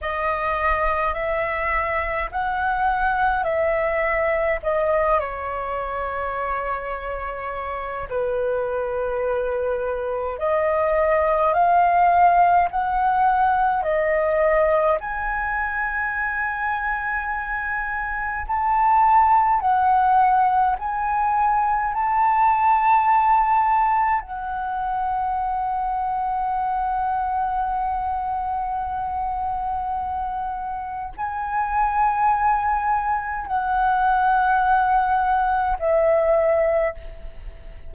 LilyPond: \new Staff \with { instrumentName = "flute" } { \time 4/4 \tempo 4 = 52 dis''4 e''4 fis''4 e''4 | dis''8 cis''2~ cis''8 b'4~ | b'4 dis''4 f''4 fis''4 | dis''4 gis''2. |
a''4 fis''4 gis''4 a''4~ | a''4 fis''2.~ | fis''2. gis''4~ | gis''4 fis''2 e''4 | }